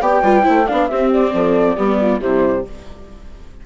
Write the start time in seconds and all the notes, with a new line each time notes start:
0.00 B3 G4 D5 G5
0.22 G3 F4 B4
0.42 E4 C5
0.48 A3
0.66 B3 D4 D5 F5
0.87 C4 G4 E5
1.12 D5
1.33 F3 A4
1.75 G3 B3 G4
2.00 F4
2.20 C3 G3 E4 C5